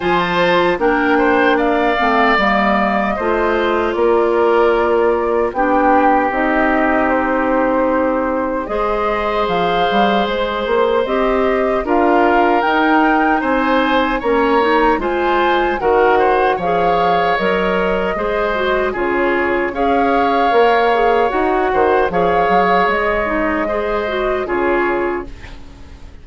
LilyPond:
<<
  \new Staff \with { instrumentName = "flute" } { \time 4/4 \tempo 4 = 76 gis''16 a''8. g''4 f''4 dis''4~ | dis''4 d''2 g''4 | dis''4 c''2 dis''4 | f''4 c''4 dis''4 f''4 |
g''4 gis''4 ais''4 gis''4 | fis''4 f''4 dis''2 | cis''4 f''2 fis''4 | f''4 dis''2 cis''4 | }
  \new Staff \with { instrumentName = "oboe" } { \time 4/4 c''4 ais'8 c''8 d''2 | c''4 ais'2 g'4~ | g'2. c''4~ | c''2. ais'4~ |
ais'4 c''4 cis''4 c''4 | ais'8 c''8 cis''2 c''4 | gis'4 cis''2~ cis''8 c''8 | cis''2 c''4 gis'4 | }
  \new Staff \with { instrumentName = "clarinet" } { \time 4/4 f'4 d'4. c'8 ais4 | f'2. d'4 | dis'2. gis'4~ | gis'2 g'4 f'4 |
dis'2 cis'8 dis'8 f'4 | fis'4 gis'4 ais'4 gis'8 fis'8 | f'4 gis'4 ais'8 gis'8 fis'4 | gis'4. dis'8 gis'8 fis'8 f'4 | }
  \new Staff \with { instrumentName = "bassoon" } { \time 4/4 f4 ais4. a8 g4 | a4 ais2 b4 | c'2. gis4 | f8 g8 gis8 ais8 c'4 d'4 |
dis'4 c'4 ais4 gis4 | dis4 f4 fis4 gis4 | cis4 cis'4 ais4 dis'8 dis8 | f8 fis8 gis2 cis4 | }
>>